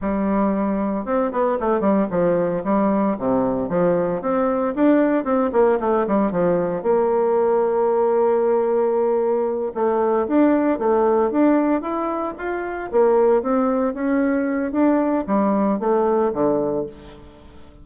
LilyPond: \new Staff \with { instrumentName = "bassoon" } { \time 4/4 \tempo 4 = 114 g2 c'8 b8 a8 g8 | f4 g4 c4 f4 | c'4 d'4 c'8 ais8 a8 g8 | f4 ais2.~ |
ais2~ ais8 a4 d'8~ | d'8 a4 d'4 e'4 f'8~ | f'8 ais4 c'4 cis'4. | d'4 g4 a4 d4 | }